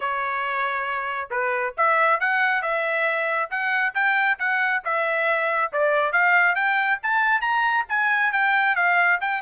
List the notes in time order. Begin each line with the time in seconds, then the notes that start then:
0.00 C#5
1.30 B4
1.77 E5
2.19 F#5
2.62 E5
3.50 F#5
3.94 G5
4.38 F#5
4.84 E5
5.72 D5
6.12 F5
6.55 G5
7.02 A5
7.41 A#5
7.89 G#5
8.32 G5
8.75 F5
9.20 G5